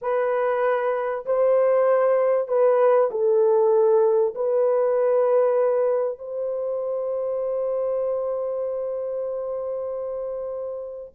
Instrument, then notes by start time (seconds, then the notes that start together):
horn
0.01 B4
1.25 C5
2.48 B4
3.10 A4
4.35 B4
6.18 C5